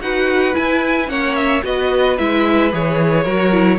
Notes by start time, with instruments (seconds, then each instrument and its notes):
0.00 cello D#4, viola F#4, violin B4 F#5
0.52 viola E4, cello E4, violin G#5
1.07 cello A#3, viola C#4, violin C#5 F#5
1.35 violin E5
1.63 cello B3, viola F#4, violin B4 D#5
2.17 cello G#3, viola E4, violin E5
2.71 cello E3, viola G#4, violin C#5
3.23 cello F#3, viola F#4, violin A#4
3.51 viola E4